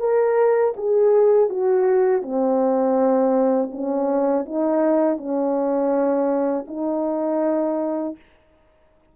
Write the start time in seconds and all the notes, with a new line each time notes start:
0.00 A#4
0.77 G#4
1.50 F#4
2.23 C4
3.72 C#4
4.46 D#4
5.18 C#4
6.68 D#4